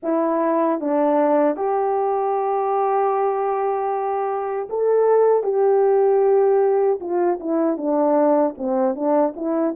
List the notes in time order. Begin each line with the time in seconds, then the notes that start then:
0.02 E4
0.80 D4
1.56 G4
4.69 A4
5.43 G4
7.00 F4
7.40 E4
7.77 D4
8.57 C4
8.95 D4
9.35 E4